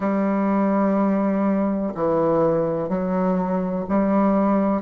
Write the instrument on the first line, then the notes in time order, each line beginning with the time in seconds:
bassoon
0.00 G3
1.94 E3
2.89 F#3
3.88 G3